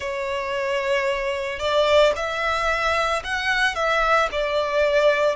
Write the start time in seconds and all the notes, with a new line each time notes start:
0.00 C#5
1.59 D5
2.15 E5
3.24 F#5
3.75 E5
4.31 D5